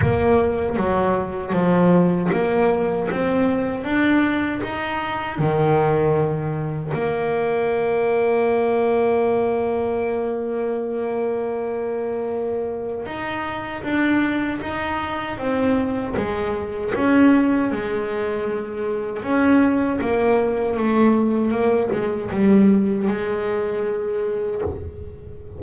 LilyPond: \new Staff \with { instrumentName = "double bass" } { \time 4/4 \tempo 4 = 78 ais4 fis4 f4 ais4 | c'4 d'4 dis'4 dis4~ | dis4 ais2.~ | ais1~ |
ais4 dis'4 d'4 dis'4 | c'4 gis4 cis'4 gis4~ | gis4 cis'4 ais4 a4 | ais8 gis8 g4 gis2 | }